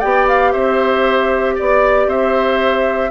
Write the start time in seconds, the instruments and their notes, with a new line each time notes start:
0.00 bassoon B3, clarinet G4, oboe D5, flute G5
0.29 flute F5
0.53 bassoon C4, oboe C5, flute E5
1.55 bassoon B3, oboe D5, flute D5
2.07 bassoon C4, oboe C5, flute E5